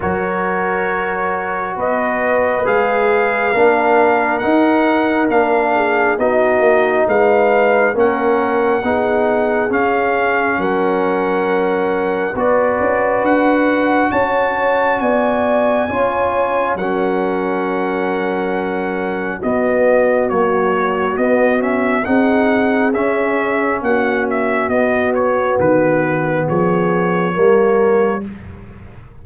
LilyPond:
<<
  \new Staff \with { instrumentName = "trumpet" } { \time 4/4 \tempo 4 = 68 cis''2 dis''4 f''4~ | f''4 fis''4 f''4 dis''4 | f''4 fis''2 f''4 | fis''2 d''4 fis''4 |
a''4 gis''2 fis''4~ | fis''2 dis''4 cis''4 | dis''8 e''8 fis''4 e''4 fis''8 e''8 | dis''8 cis''8 b'4 cis''2 | }
  \new Staff \with { instrumentName = "horn" } { \time 4/4 ais'2 b'2 | ais'2~ ais'8 gis'8 fis'4 | b'4 ais'4 gis'2 | ais'2 b'2 |
cis''4 d''4 cis''4 ais'4~ | ais'2 fis'2~ | fis'4 gis'2 fis'4~ | fis'2 gis'4 ais'4 | }
  \new Staff \with { instrumentName = "trombone" } { \time 4/4 fis'2. gis'4 | d'4 dis'4 d'4 dis'4~ | dis'4 cis'4 dis'4 cis'4~ | cis'2 fis'2~ |
fis'2 f'4 cis'4~ | cis'2 b4 fis4 | b8 cis'8 dis'4 cis'2 | b2. ais4 | }
  \new Staff \with { instrumentName = "tuba" } { \time 4/4 fis2 b4 gis4 | ais4 dis'4 ais4 b8 ais8 | gis4 ais4 b4 cis'4 | fis2 b8 cis'8 d'4 |
cis'4 b4 cis'4 fis4~ | fis2 b4 ais4 | b4 c'4 cis'4 ais4 | b4 dis4 f4 g4 | }
>>